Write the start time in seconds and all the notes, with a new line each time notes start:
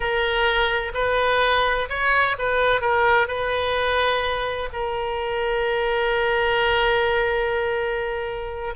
0.00 A#4
0.94 B4
1.89 C#5
2.38 B4
2.81 A#4
3.27 B4
4.72 A#4